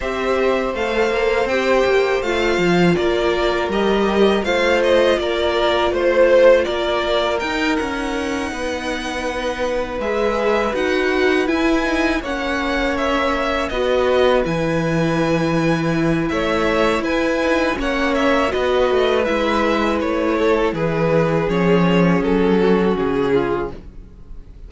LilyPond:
<<
  \new Staff \with { instrumentName = "violin" } { \time 4/4 \tempo 4 = 81 e''4 f''4 g''4 f''4 | d''4 dis''4 f''8 dis''8 d''4 | c''4 d''4 g''8 fis''4.~ | fis''4. e''4 fis''4 gis''8~ |
gis''8 fis''4 e''4 dis''4 gis''8~ | gis''2 e''4 gis''4 | fis''8 e''8 dis''4 e''4 cis''4 | b'4 cis''4 a'4 gis'4 | }
  \new Staff \with { instrumentName = "violin" } { \time 4/4 c''1 | ais'2 c''4 ais'4 | c''4 ais'2~ ais'8 b'8~ | b'1~ |
b'8 cis''2 b'4.~ | b'2 cis''4 b'4 | cis''4 b'2~ b'8 a'8 | gis'2~ gis'8 fis'4 f'8 | }
  \new Staff \with { instrumentName = "viola" } { \time 4/4 g'4 a'4 g'4 f'4~ | f'4 g'4 f'2~ | f'2 dis'2~ | dis'4. gis'4 fis'4 e'8 |
dis'8 cis'2 fis'4 e'8~ | e'2.~ e'8 dis'8 | cis'4 fis'4 e'2~ | e'4 cis'2. | }
  \new Staff \with { instrumentName = "cello" } { \time 4/4 c'4 a8 ais8 c'8 ais8 a8 f8 | ais4 g4 a4 ais4 | a4 ais4 dis'8 cis'4 b8~ | b4. gis4 dis'4 e'8~ |
e'8 ais2 b4 e8~ | e2 a4 e'4 | ais4 b8 a8 gis4 a4 | e4 f4 fis4 cis4 | }
>>